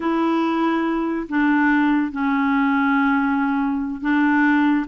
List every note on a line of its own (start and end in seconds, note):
0.00 1.27 E4
1.28 2.11 D4
2.11 4.01 C#4
4.01 4.86 D4